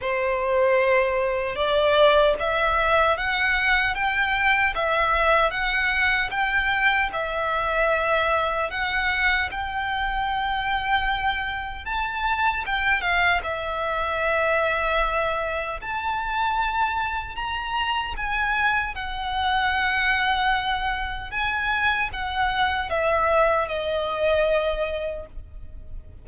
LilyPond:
\new Staff \with { instrumentName = "violin" } { \time 4/4 \tempo 4 = 76 c''2 d''4 e''4 | fis''4 g''4 e''4 fis''4 | g''4 e''2 fis''4 | g''2. a''4 |
g''8 f''8 e''2. | a''2 ais''4 gis''4 | fis''2. gis''4 | fis''4 e''4 dis''2 | }